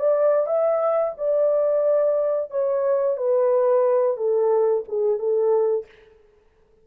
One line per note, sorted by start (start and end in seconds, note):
0.00 0.47 D5
0.47 1.14 E5
1.18 2.51 D5
2.51 3.17 C#5
3.17 4.17 B4
4.17 4.84 A4
4.89 5.19 G#4
5.19 5.86 A4